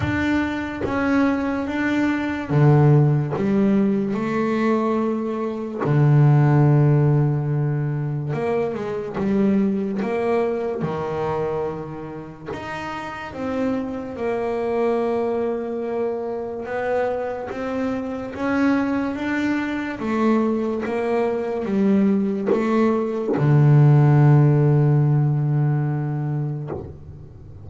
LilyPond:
\new Staff \with { instrumentName = "double bass" } { \time 4/4 \tempo 4 = 72 d'4 cis'4 d'4 d4 | g4 a2 d4~ | d2 ais8 gis8 g4 | ais4 dis2 dis'4 |
c'4 ais2. | b4 c'4 cis'4 d'4 | a4 ais4 g4 a4 | d1 | }